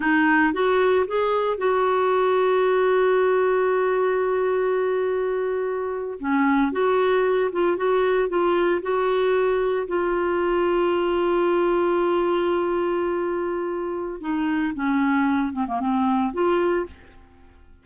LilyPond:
\new Staff \with { instrumentName = "clarinet" } { \time 4/4 \tempo 4 = 114 dis'4 fis'4 gis'4 fis'4~ | fis'1~ | fis'2.~ fis'8. cis'16~ | cis'8. fis'4. f'8 fis'4 f'16~ |
f'8. fis'2 f'4~ f'16~ | f'1~ | f'2. dis'4 | cis'4. c'16 ais16 c'4 f'4 | }